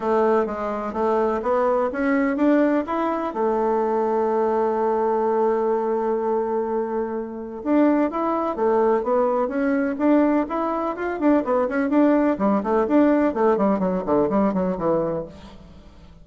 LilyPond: \new Staff \with { instrumentName = "bassoon" } { \time 4/4 \tempo 4 = 126 a4 gis4 a4 b4 | cis'4 d'4 e'4 a4~ | a1~ | a1 |
d'4 e'4 a4 b4 | cis'4 d'4 e'4 f'8 d'8 | b8 cis'8 d'4 g8 a8 d'4 | a8 g8 fis8 d8 g8 fis8 e4 | }